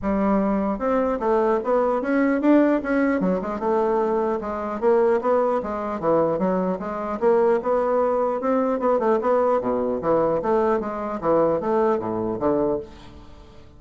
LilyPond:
\new Staff \with { instrumentName = "bassoon" } { \time 4/4 \tempo 4 = 150 g2 c'4 a4 | b4 cis'4 d'4 cis'4 | fis8 gis8 a2 gis4 | ais4 b4 gis4 e4 |
fis4 gis4 ais4 b4~ | b4 c'4 b8 a8 b4 | b,4 e4 a4 gis4 | e4 a4 a,4 d4 | }